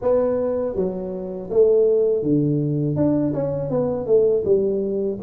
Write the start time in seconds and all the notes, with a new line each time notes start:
0.01 B3
0.75 F#3
1.50 A3
2.22 D3
2.96 D4
3.33 C#4
3.69 B3
4.06 A3
4.44 G3